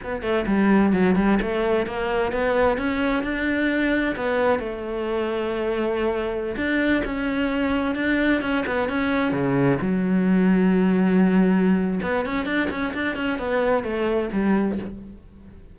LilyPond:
\new Staff \with { instrumentName = "cello" } { \time 4/4 \tempo 4 = 130 b8 a8 g4 fis8 g8 a4 | ais4 b4 cis'4 d'4~ | d'4 b4 a2~ | a2~ a16 d'4 cis'8.~ |
cis'4~ cis'16 d'4 cis'8 b8 cis'8.~ | cis'16 cis4 fis2~ fis8.~ | fis2 b8 cis'8 d'8 cis'8 | d'8 cis'8 b4 a4 g4 | }